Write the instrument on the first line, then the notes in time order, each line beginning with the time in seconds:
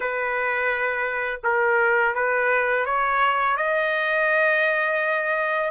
trumpet
0.00 B4
1.43 A#4
2.15 B4
2.85 C#5
3.56 D#5